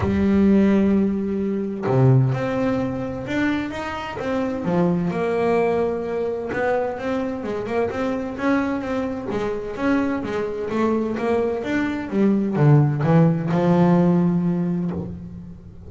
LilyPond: \new Staff \with { instrumentName = "double bass" } { \time 4/4 \tempo 4 = 129 g1 | c4 c'2 d'4 | dis'4 c'4 f4 ais4~ | ais2 b4 c'4 |
gis8 ais8 c'4 cis'4 c'4 | gis4 cis'4 gis4 a4 | ais4 d'4 g4 d4 | e4 f2. | }